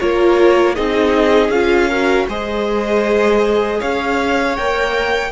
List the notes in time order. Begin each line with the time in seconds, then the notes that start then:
0.00 A#3 F4 A#4 C#5
0.76 C4 D#4 G#4 D#5
1.49 C#4 F4 F5
1.89 F#4 A#4
2.29 G#3 G#4 C5 D#5
3.80 C#4 C#5 F5
4.57 A#3 A#4 G5